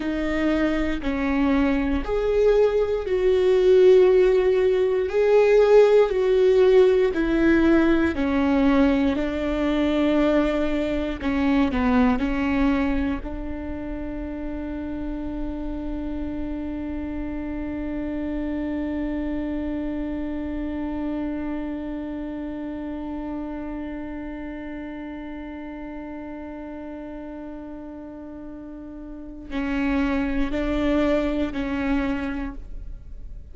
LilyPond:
\new Staff \with { instrumentName = "viola" } { \time 4/4 \tempo 4 = 59 dis'4 cis'4 gis'4 fis'4~ | fis'4 gis'4 fis'4 e'4 | cis'4 d'2 cis'8 b8 | cis'4 d'2.~ |
d'1~ | d'1~ | d'1~ | d'4 cis'4 d'4 cis'4 | }